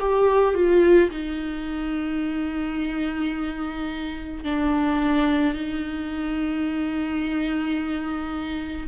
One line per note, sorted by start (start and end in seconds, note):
0.00 0.55 G4
0.55 1.10 F4
1.11 4.44 D#4
4.44 5.54 D4
5.54 8.87 D#4